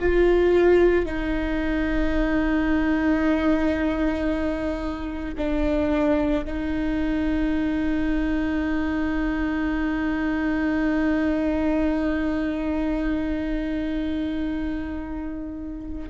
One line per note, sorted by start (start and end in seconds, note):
0.00 1.06 F4
1.06 5.35 D#4
5.38 6.45 D4
6.45 16.10 D#4